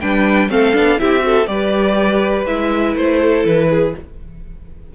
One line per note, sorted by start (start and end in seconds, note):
0.00 0.49 G3
0.00 0.49 D4
0.00 0.50 B4
0.00 0.49 G5
0.49 0.73 A3
0.49 0.73 C4
0.49 1.00 A4
0.49 0.99 F5
0.73 0.99 B3
0.73 0.98 D4
0.98 1.47 C4
0.98 1.19 E4
0.98 1.25 G4
0.98 1.46 E5
1.19 1.44 F#4
1.19 1.49 A4
1.46 2.46 G3
1.46 2.45 G4
1.46 3.19 B4
1.46 2.45 D5
2.46 2.95 G#3
2.46 3.94 E4
2.46 2.95 E5
2.95 3.44 A3
2.95 3.46 C5
3.19 3.68 A4
3.45 3.94 E3
3.45 3.95 B4
3.70 3.95 G#4